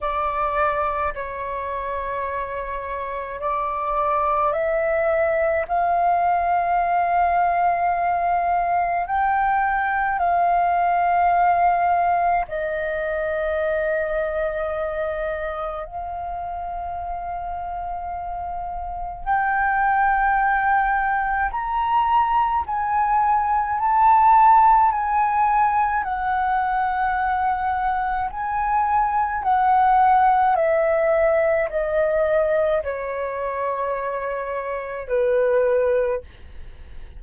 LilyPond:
\new Staff \with { instrumentName = "flute" } { \time 4/4 \tempo 4 = 53 d''4 cis''2 d''4 | e''4 f''2. | g''4 f''2 dis''4~ | dis''2 f''2~ |
f''4 g''2 ais''4 | gis''4 a''4 gis''4 fis''4~ | fis''4 gis''4 fis''4 e''4 | dis''4 cis''2 b'4 | }